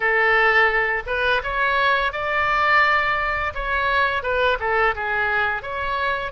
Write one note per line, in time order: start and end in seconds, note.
0.00 1.03 A4
1.06 1.41 B4
1.43 2.12 C#5
2.12 3.53 D5
3.54 4.23 C#5
4.23 4.58 B4
4.59 4.94 A4
4.95 5.62 G#4
5.62 6.31 C#5